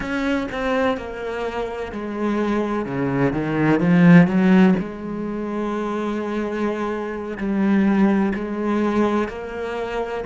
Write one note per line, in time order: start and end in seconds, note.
0.00 0.47 C#4
0.52 0.97 C4
0.97 1.92 A#3
1.92 2.85 G#3
2.85 3.32 C#3
3.32 3.80 D#3
3.80 4.27 F3
4.27 4.74 F#3
4.79 7.37 G#3
7.37 8.32 G3
8.34 9.28 G#3
9.28 10.23 A#3